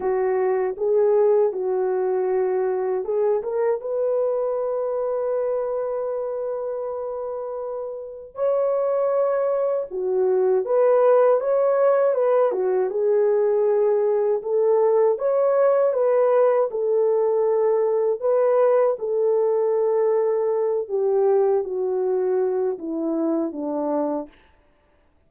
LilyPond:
\new Staff \with { instrumentName = "horn" } { \time 4/4 \tempo 4 = 79 fis'4 gis'4 fis'2 | gis'8 ais'8 b'2.~ | b'2. cis''4~ | cis''4 fis'4 b'4 cis''4 |
b'8 fis'8 gis'2 a'4 | cis''4 b'4 a'2 | b'4 a'2~ a'8 g'8~ | g'8 fis'4. e'4 d'4 | }